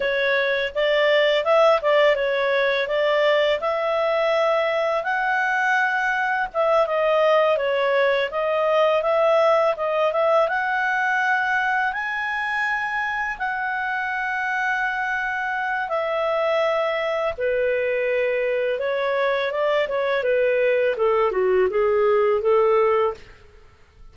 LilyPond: \new Staff \with { instrumentName = "clarinet" } { \time 4/4 \tempo 4 = 83 cis''4 d''4 e''8 d''8 cis''4 | d''4 e''2 fis''4~ | fis''4 e''8 dis''4 cis''4 dis''8~ | dis''8 e''4 dis''8 e''8 fis''4.~ |
fis''8 gis''2 fis''4.~ | fis''2 e''2 | b'2 cis''4 d''8 cis''8 | b'4 a'8 fis'8 gis'4 a'4 | }